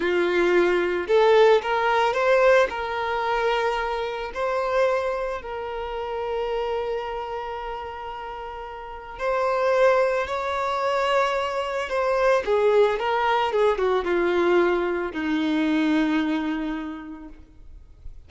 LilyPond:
\new Staff \with { instrumentName = "violin" } { \time 4/4 \tempo 4 = 111 f'2 a'4 ais'4 | c''4 ais'2. | c''2 ais'2~ | ais'1~ |
ais'4 c''2 cis''4~ | cis''2 c''4 gis'4 | ais'4 gis'8 fis'8 f'2 | dis'1 | }